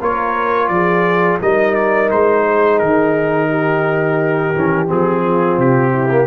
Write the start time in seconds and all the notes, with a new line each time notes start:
0.00 A#3 F4 A#4 C#5
0.68 F3 G#4 D5
1.41 G3 D#4 A#4 D#5
1.74 D5
2.10 G#3 C5
2.46 G#4
2.78 D#3 A#4
3.49 G4
4.55 E3 C#4
4.87 F3 C4 G#4
5.24 F4
5.58 C3 G4
5.92 E4
6.11 A#3